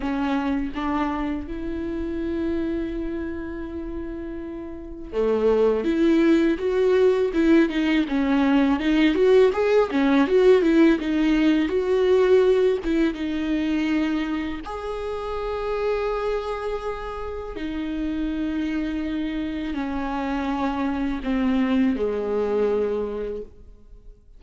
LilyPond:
\new Staff \with { instrumentName = "viola" } { \time 4/4 \tempo 4 = 82 cis'4 d'4 e'2~ | e'2. a4 | e'4 fis'4 e'8 dis'8 cis'4 | dis'8 fis'8 gis'8 cis'8 fis'8 e'8 dis'4 |
fis'4. e'8 dis'2 | gis'1 | dis'2. cis'4~ | cis'4 c'4 gis2 | }